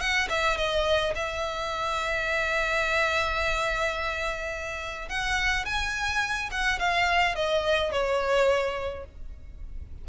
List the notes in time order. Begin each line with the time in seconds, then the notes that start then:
0.00 F#5
0.29 E5
0.58 D#5
1.16 E5
5.09 F#5
5.65 G#5
6.51 F#5
6.80 F5
7.36 D#5
7.92 C#5